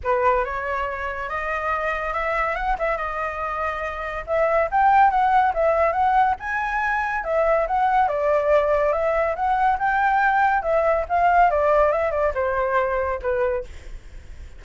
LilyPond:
\new Staff \with { instrumentName = "flute" } { \time 4/4 \tempo 4 = 141 b'4 cis''2 dis''4~ | dis''4 e''4 fis''8 e''8 dis''4~ | dis''2 e''4 g''4 | fis''4 e''4 fis''4 gis''4~ |
gis''4 e''4 fis''4 d''4~ | d''4 e''4 fis''4 g''4~ | g''4 e''4 f''4 d''4 | e''8 d''8 c''2 b'4 | }